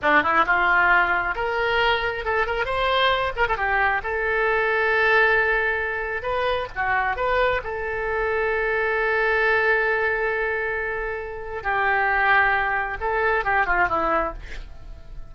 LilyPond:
\new Staff \with { instrumentName = "oboe" } { \time 4/4 \tempo 4 = 134 d'8 e'8 f'2 ais'4~ | ais'4 a'8 ais'8 c''4. ais'16 a'16 | g'4 a'2.~ | a'2 b'4 fis'4 |
b'4 a'2.~ | a'1~ | a'2 g'2~ | g'4 a'4 g'8 f'8 e'4 | }